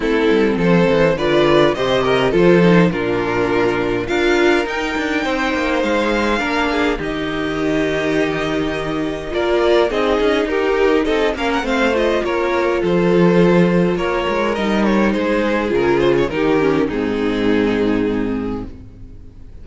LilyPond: <<
  \new Staff \with { instrumentName = "violin" } { \time 4/4 \tempo 4 = 103 a'4 c''4 d''4 dis''4 | c''4 ais'2 f''4 | g''2 f''2 | dis''1 |
d''4 dis''4 ais'4 dis''8 f''16 fis''16 | f''8 dis''8 cis''4 c''2 | cis''4 dis''8 cis''8 c''4 ais'8 c''16 cis''16 | ais'4 gis'2. | }
  \new Staff \with { instrumentName = "violin" } { \time 4/4 e'4 a'4 b'4 c''8 ais'8 | a'4 f'2 ais'4~ | ais'4 c''2 ais'8 gis'8 | g'1 |
ais'4 gis'4 g'4 a'8 ais'8 | c''4 ais'4 a'2 | ais'2 gis'2 | g'4 dis'2. | }
  \new Staff \with { instrumentName = "viola" } { \time 4/4 c'2 f'4 g'4 | f'8 dis'8 d'2 f'4 | dis'2. d'4 | dis'1 |
f'4 dis'2~ dis'8 cis'8 | c'8 f'2.~ f'8~ | f'4 dis'2 f'4 | dis'8 cis'8 c'2. | }
  \new Staff \with { instrumentName = "cello" } { \time 4/4 a8 g8 f8 e8 d4 c4 | f4 ais,2 d'4 | dis'8 d'8 c'8 ais8 gis4 ais4 | dis1 |
ais4 c'8 cis'8 dis'4 c'8 ais8 | a4 ais4 f2 | ais8 gis8 g4 gis4 cis4 | dis4 gis,2. | }
>>